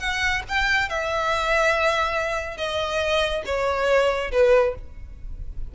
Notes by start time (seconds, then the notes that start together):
0.00 F#5
0.49 G5
0.90 E5
2.58 D#5
3.46 C#5
4.32 B4